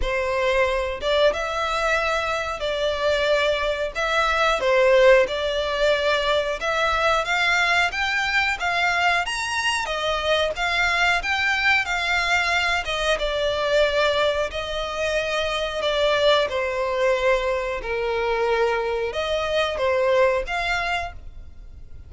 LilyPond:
\new Staff \with { instrumentName = "violin" } { \time 4/4 \tempo 4 = 91 c''4. d''8 e''2 | d''2 e''4 c''4 | d''2 e''4 f''4 | g''4 f''4 ais''4 dis''4 |
f''4 g''4 f''4. dis''8 | d''2 dis''2 | d''4 c''2 ais'4~ | ais'4 dis''4 c''4 f''4 | }